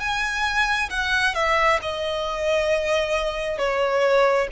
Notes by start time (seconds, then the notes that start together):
0.00 G#5
0.90 F#5
1.35 E5
1.82 D#5
3.59 C#5